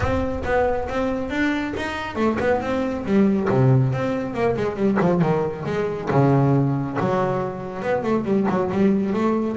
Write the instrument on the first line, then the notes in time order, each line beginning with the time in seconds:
double bass
0.00 C4
0.44 B3
0.89 C4
1.30 D4
1.76 D#4
2.15 A3
2.39 B3
2.61 C4
3.05 G3
3.49 C3
3.92 C4
4.34 A#3
4.56 G#3
4.75 G3
5.00 F3
5.21 D#3
5.65 G#3
6.10 C#3
6.99 F#3
7.82 B3
8.03 A3
8.25 G3
8.49 F#3
8.72 G3
9.13 A3